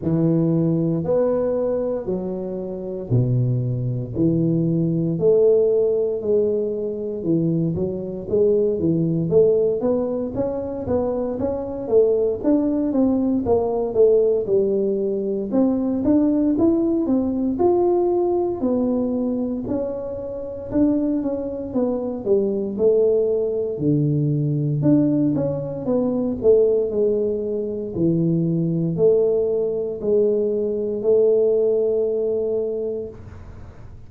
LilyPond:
\new Staff \with { instrumentName = "tuba" } { \time 4/4 \tempo 4 = 58 e4 b4 fis4 b,4 | e4 a4 gis4 e8 fis8 | gis8 e8 a8 b8 cis'8 b8 cis'8 a8 | d'8 c'8 ais8 a8 g4 c'8 d'8 |
e'8 c'8 f'4 b4 cis'4 | d'8 cis'8 b8 g8 a4 d4 | d'8 cis'8 b8 a8 gis4 e4 | a4 gis4 a2 | }